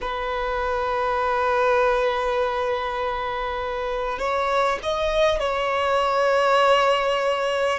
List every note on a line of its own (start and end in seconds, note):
0.01 4.18 B4
4.18 4.78 C#5
4.82 5.39 D#5
5.39 7.79 C#5